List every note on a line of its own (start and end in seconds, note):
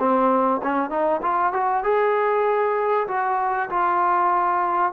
0.00 0.62 C4
0.63 0.90 C#4
0.90 1.21 D#4
1.23 1.54 F4
1.54 1.84 F#4
1.84 3.08 G#4
3.08 3.70 F#4
3.70 4.93 F4